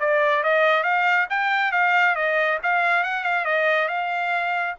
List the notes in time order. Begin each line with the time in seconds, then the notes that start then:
0.00 D5
0.43 D#5
0.84 F5
1.30 G5
1.72 F5
2.15 D#5
2.63 F5
3.04 F#5
3.24 F5
3.45 D#5
3.89 F5